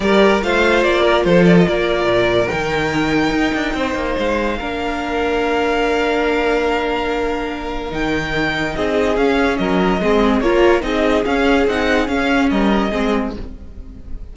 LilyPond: <<
  \new Staff \with { instrumentName = "violin" } { \time 4/4 \tempo 4 = 144 d''4 f''4 d''4 c''8 d''16 dis''16 | d''2 g''2~ | g''2 f''2~ | f''1~ |
f''2. g''4~ | g''4 dis''4 f''4 dis''4~ | dis''4 cis''4 dis''4 f''4 | fis''4 f''4 dis''2 | }
  \new Staff \with { instrumentName = "violin" } { \time 4/4 ais'4 c''4. ais'8 a'4 | ais'1~ | ais'4 c''2 ais'4~ | ais'1~ |
ais'1~ | ais'4 gis'2 ais'4 | gis'4 ais'4 gis'2~ | gis'2 ais'4 gis'4 | }
  \new Staff \with { instrumentName = "viola" } { \time 4/4 g'4 f'2.~ | f'2 dis'2~ | dis'2. d'4~ | d'1~ |
d'2. dis'4~ | dis'2 cis'2 | c'4 f'4 dis'4 cis'4 | dis'4 cis'2 c'4 | }
  \new Staff \with { instrumentName = "cello" } { \time 4/4 g4 a4 ais4 f4 | ais4 ais,4 dis2 | dis'8 d'8 c'8 ais8 gis4 ais4~ | ais1~ |
ais2. dis4~ | dis4 c'4 cis'4 fis4 | gis4 ais4 c'4 cis'4 | c'4 cis'4 g4 gis4 | }
>>